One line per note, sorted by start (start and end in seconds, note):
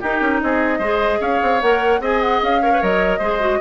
0.00 0.21 D#4
0.00 0.82 D#4
0.00 0.40 G4
0.00 0.42 A#4
0.21 0.41 C#4
0.42 0.79 C4
0.42 0.79 G#4
0.42 1.21 D#5
0.79 1.19 G#3
0.79 1.62 G#4
0.79 1.19 C5
1.20 1.40 C#4
1.20 2.01 C#5
1.20 1.61 F5
1.42 1.62 C4
1.61 2.00 A#3
1.61 2.01 A#4
1.61 2.01 F#5
2.00 2.40 C4
2.00 2.61 G#4
2.00 2.61 D#5
2.00 2.21 G#5
2.21 2.41 F#5
2.42 2.82 C#4
2.42 2.83 F5
2.61 2.73 A#4
2.61 3.19 C#5
2.73 2.81 B4
2.81 3.19 F#3
2.81 3.21 A#4
2.81 3.61 D#5
3.19 3.59 G#3
3.19 3.40 G#4
3.19 3.59 C5
3.40 3.60 F#4